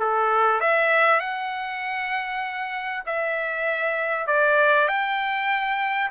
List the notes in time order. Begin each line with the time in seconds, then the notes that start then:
0.00 A4
0.61 E5
1.21 F#5
3.06 E5
4.27 D5
4.88 G5